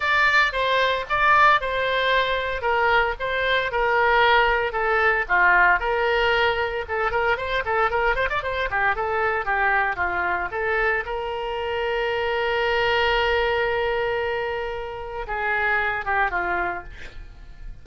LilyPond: \new Staff \with { instrumentName = "oboe" } { \time 4/4 \tempo 4 = 114 d''4 c''4 d''4 c''4~ | c''4 ais'4 c''4 ais'4~ | ais'4 a'4 f'4 ais'4~ | ais'4 a'8 ais'8 c''8 a'8 ais'8 c''16 d''16 |
c''8 g'8 a'4 g'4 f'4 | a'4 ais'2.~ | ais'1~ | ais'4 gis'4. g'8 f'4 | }